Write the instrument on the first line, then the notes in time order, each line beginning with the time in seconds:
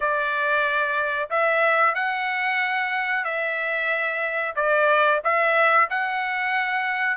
trumpet
0.00 D5
1.30 E5
1.94 F#5
3.24 E5
4.55 D5
5.24 E5
5.90 F#5